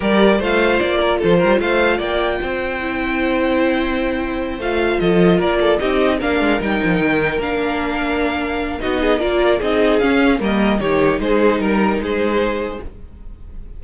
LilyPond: <<
  \new Staff \with { instrumentName = "violin" } { \time 4/4 \tempo 4 = 150 d''4 f''4 d''4 c''4 | f''4 g''2.~ | g''2.~ g''8 f''8~ | f''8 dis''4 d''4 dis''4 f''8~ |
f''8 g''2 f''4.~ | f''2 dis''4 d''4 | dis''4 f''4 dis''4 cis''4 | c''4 ais'4 c''2 | }
  \new Staff \with { instrumentName = "violin" } { \time 4/4 ais'4 c''4. ais'8 a'8 ais'8 | c''4 d''4 c''2~ | c''1~ | c''8 a'4 ais'8 a'8 g'4 ais'8~ |
ais'1~ | ais'2 fis'8 gis'8 ais'4 | gis'2 ais'4 g'4 | gis'4 ais'4 gis'2 | }
  \new Staff \with { instrumentName = "viola" } { \time 4/4 g'4 f'2.~ | f'2. e'4~ | e'2.~ e'8 f'8~ | f'2~ f'8 dis'4 d'8~ |
d'8 dis'2 d'4.~ | d'2 dis'4 f'4 | dis'4 cis'4 ais4 dis'4~ | dis'1 | }
  \new Staff \with { instrumentName = "cello" } { \time 4/4 g4 a4 ais4 f8 g8 | a4 ais4 c'2~ | c'2.~ c'8 a8~ | a8 f4 ais4 c'4 ais8 |
gis8 g8 f8 dis4 ais4.~ | ais2 b4 ais4 | c'4 cis'4 g4 dis4 | gis4 g4 gis2 | }
>>